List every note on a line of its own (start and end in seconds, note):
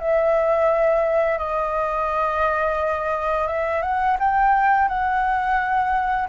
0.00 1.39 E5
1.39 3.48 D#5
3.48 3.82 E5
3.82 4.17 F#5
4.20 4.89 G5
4.89 6.28 F#5